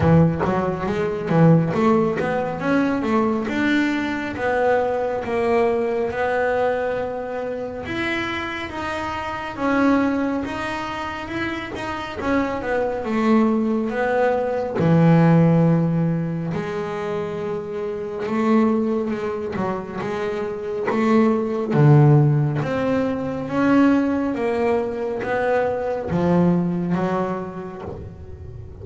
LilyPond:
\new Staff \with { instrumentName = "double bass" } { \time 4/4 \tempo 4 = 69 e8 fis8 gis8 e8 a8 b8 cis'8 a8 | d'4 b4 ais4 b4~ | b4 e'4 dis'4 cis'4 | dis'4 e'8 dis'8 cis'8 b8 a4 |
b4 e2 gis4~ | gis4 a4 gis8 fis8 gis4 | a4 d4 c'4 cis'4 | ais4 b4 f4 fis4 | }